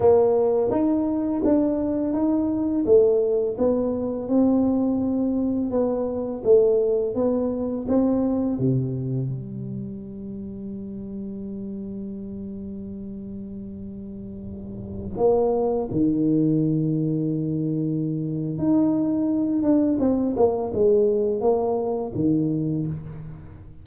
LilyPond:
\new Staff \with { instrumentName = "tuba" } { \time 4/4 \tempo 4 = 84 ais4 dis'4 d'4 dis'4 | a4 b4 c'2 | b4 a4 b4 c'4 | c4 g2.~ |
g1~ | g4~ g16 ais4 dis4.~ dis16~ | dis2 dis'4. d'8 | c'8 ais8 gis4 ais4 dis4 | }